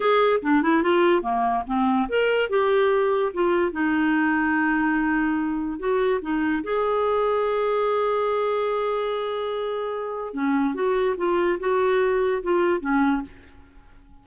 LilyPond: \new Staff \with { instrumentName = "clarinet" } { \time 4/4 \tempo 4 = 145 gis'4 d'8 e'8 f'4 ais4 | c'4 ais'4 g'2 | f'4 dis'2.~ | dis'2 fis'4 dis'4 |
gis'1~ | gis'1~ | gis'4 cis'4 fis'4 f'4 | fis'2 f'4 cis'4 | }